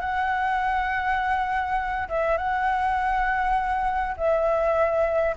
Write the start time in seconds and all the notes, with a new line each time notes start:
0.00 F#5
2.08 E5
2.37 F#5
4.17 E5